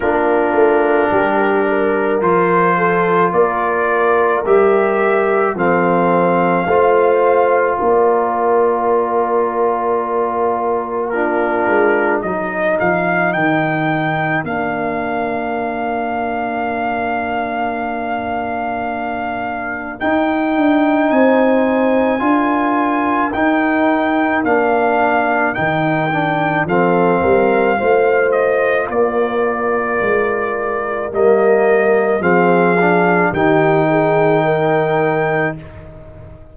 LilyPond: <<
  \new Staff \with { instrumentName = "trumpet" } { \time 4/4 \tempo 4 = 54 ais'2 c''4 d''4 | e''4 f''2 d''4~ | d''2 ais'4 dis''8 f''8 | g''4 f''2.~ |
f''2 g''4 gis''4~ | gis''4 g''4 f''4 g''4 | f''4. dis''8 d''2 | dis''4 f''4 g''2 | }
  \new Staff \with { instrumentName = "horn" } { \time 4/4 f'4 g'8 ais'4 a'8 ais'4~ | ais'4 a'4 c''4 ais'4~ | ais'2 f'4 ais'4~ | ais'1~ |
ais'2. c''4 | ais'1 | a'8 ais'8 c''4 ais'2~ | ais'4 gis'4 g'8 gis'8 ais'4 | }
  \new Staff \with { instrumentName = "trombone" } { \time 4/4 d'2 f'2 | g'4 c'4 f'2~ | f'2 d'4 dis'4~ | dis'4 d'2.~ |
d'2 dis'2 | f'4 dis'4 d'4 dis'8 d'8 | c'4 f'2. | ais4 c'8 d'8 dis'2 | }
  \new Staff \with { instrumentName = "tuba" } { \time 4/4 ais8 a8 g4 f4 ais4 | g4 f4 a4 ais4~ | ais2~ ais8 gis8 fis8 f8 | dis4 ais2.~ |
ais2 dis'8 d'8 c'4 | d'4 dis'4 ais4 dis4 | f8 g8 a4 ais4 gis4 | g4 f4 dis2 | }
>>